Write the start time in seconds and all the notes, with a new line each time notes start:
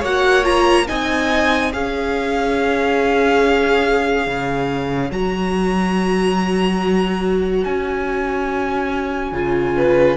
0.00 A#3 F#4 C#5 F#5
0.44 F4 A#5
0.88 C4 D#4 D#5 G#5
1.71 C#4 G#4 C#5 F5
4.27 C#3
5.11 F#3 F#4 A#5
7.64 C#4 G#5
9.32 C#3 F4
9.77 B4